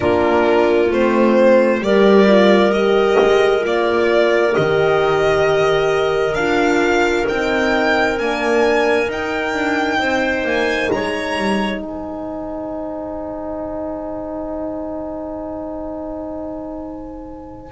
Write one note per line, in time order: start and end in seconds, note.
0.00 0.91 A#3
0.00 0.89 D4
0.00 1.82 F4
0.00 0.91 A#4
0.90 1.80 A3
0.90 1.81 C4
0.90 1.83 C5
1.80 3.16 G3
1.80 2.26 G4
1.80 9.99 A#4
1.80 2.72 D5
2.26 2.71 F4
2.71 3.60 G4
2.71 3.63 D#5
3.19 3.64 G#3
3.60 4.55 A#3
3.60 4.51 F4
3.66 4.54 D5
4.52 6.34 D#3
4.52 6.34 G4
4.52 6.34 D#5
6.34 7.25 D4
6.34 7.27 F4
6.34 7.25 F5
7.27 8.19 C4
7.27 8.16 D#4
7.27 8.18 G5
8.16 9.08 A#3
8.16 9.07 D4
8.16 9.09 G#5
9.08 9.53 D#4
9.08 17.71 D#4
9.08 10.47 G5
9.53 9.98 D4
9.98 10.44 C4
9.98 10.90 C5
10.44 10.89 A#3
10.44 10.91 G#5
10.91 11.37 G#3
10.91 11.80 C#5
10.91 11.82 A#5
11.37 11.82 G3
11.80 17.71 G#3
11.80 17.71 C5
11.80 17.71 G#5